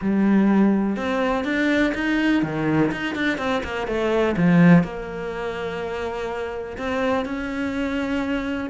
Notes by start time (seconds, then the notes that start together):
0.01 G3
0.96 C4
1.44 D4
1.94 D#4
2.42 D#3
2.91 D#4
3.15 D4
3.38 C4
3.63 A#3
3.87 A3
4.36 F3
4.83 A#3
6.77 C4
7.25 C#4